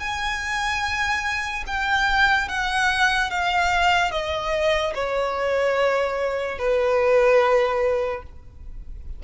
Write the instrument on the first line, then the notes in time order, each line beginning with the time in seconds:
violin
0.00 G#5
1.67 G5
2.49 F#5
3.31 F5
4.12 D#5
4.95 C#5
6.59 B4